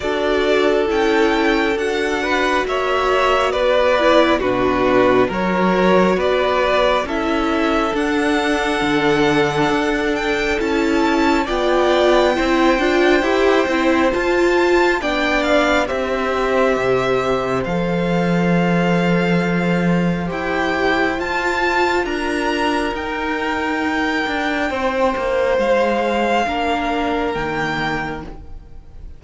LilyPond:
<<
  \new Staff \with { instrumentName = "violin" } { \time 4/4 \tempo 4 = 68 d''4 g''4 fis''4 e''4 | d''4 b'4 cis''4 d''4 | e''4 fis''2~ fis''8 g''8 | a''4 g''2. |
a''4 g''8 f''8 e''2 | f''2. g''4 | a''4 ais''4 g''2~ | g''4 f''2 g''4 | }
  \new Staff \with { instrumentName = "violin" } { \time 4/4 a'2~ a'8 b'8 cis''4 | b'4 fis'4 ais'4 b'4 | a'1~ | a'4 d''4 c''2~ |
c''4 d''4 c''2~ | c''1~ | c''4 ais'2. | c''2 ais'2 | }
  \new Staff \with { instrumentName = "viola" } { \time 4/4 fis'4 e'4 fis'2~ | fis'8 e'8 d'4 fis'2 | e'4 d'2. | e'4 f'4 e'8 f'8 g'8 e'8 |
f'4 d'4 g'2 | a'2. g'4 | f'2 dis'2~ | dis'2 d'4 ais4 | }
  \new Staff \with { instrumentName = "cello" } { \time 4/4 d'4 cis'4 d'4 ais4 | b4 b,4 fis4 b4 | cis'4 d'4 d4 d'4 | cis'4 b4 c'8 d'8 e'8 c'8 |
f'4 b4 c'4 c4 | f2. e'4 | f'4 d'4 dis'4. d'8 | c'8 ais8 gis4 ais4 dis4 | }
>>